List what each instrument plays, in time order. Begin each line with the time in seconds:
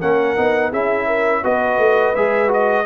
0.00 tuba A#3, trombone C#4, horn A#4, trumpet F#5
0.37 tuba B3, trombone D#4
0.71 tuba C#4, trombone E4, horn G#4, trumpet E5
1.07 horn A#4
1.43 tuba B3, trombone F#4, horn B4, trumpet D#5
1.78 tuba A3
2.15 tuba G#3, trombone G#4, trumpet E5
2.48 trombone F#4, trumpet D#5